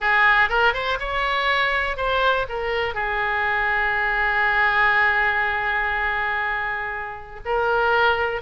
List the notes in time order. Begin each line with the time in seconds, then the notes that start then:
0.00 G#4
0.49 A#4
0.73 C5
0.99 C#5
1.96 C5
2.48 A#4
2.94 G#4
7.45 A#4